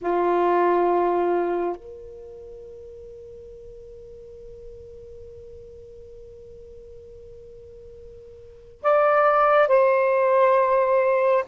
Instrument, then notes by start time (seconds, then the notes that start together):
saxophone
0.01 F4
1.76 A#4
8.82 D5
9.67 C5